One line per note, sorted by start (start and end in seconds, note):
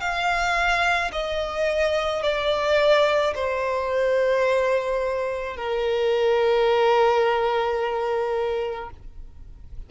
0.00 1.11 F5
1.12 2.23 D#5
2.23 3.34 D5
3.35 5.57 C5
5.57 8.90 A#4